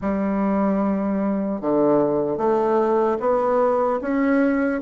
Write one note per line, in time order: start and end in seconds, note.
0.01 1.61 G3
1.61 2.37 D3
2.37 3.17 A3
3.20 4.00 B3
4.01 4.81 C#4